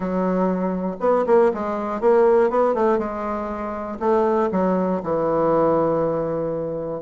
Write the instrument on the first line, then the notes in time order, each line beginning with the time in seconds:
bassoon
0.00 F#3
1.00 B3
1.26 A#3
1.53 G#3
2.00 A#3
2.50 B3
2.74 A3
2.98 G#3
3.99 A3
4.51 F#3
5.03 E3